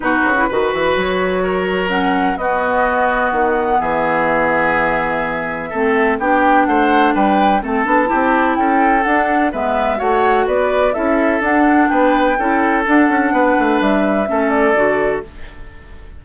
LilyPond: <<
  \new Staff \with { instrumentName = "flute" } { \time 4/4 \tempo 4 = 126 b'2 cis''2 | fis''4 dis''2 fis''4 | e''1~ | e''4 g''4 fis''4 g''4 |
a''2 g''4 fis''4 | e''4 fis''4 d''4 e''4 | fis''4 g''2 fis''4~ | fis''4 e''4. d''4. | }
  \new Staff \with { instrumentName = "oboe" } { \time 4/4 fis'4 b'2 ais'4~ | ais'4 fis'2. | gis'1 | a'4 g'4 c''4 b'4 |
a'4 g'4 a'2 | b'4 cis''4 b'4 a'4~ | a'4 b'4 a'2 | b'2 a'2 | }
  \new Staff \with { instrumentName = "clarinet" } { \time 4/4 dis'8. e'16 fis'2. | cis'4 b2.~ | b1 | c'4 d'2. |
c'8 d'8 e'2 d'4 | b4 fis'2 e'4 | d'2 e'4 d'4~ | d'2 cis'4 fis'4 | }
  \new Staff \with { instrumentName = "bassoon" } { \time 4/4 b,8 cis8 dis8 e8 fis2~ | fis4 b2 dis4 | e1 | a4 b4 a4 g4 |
a8 b8 c'4 cis'4 d'4 | gis4 a4 b4 cis'4 | d'4 b4 cis'4 d'8 cis'8 | b8 a8 g4 a4 d4 | }
>>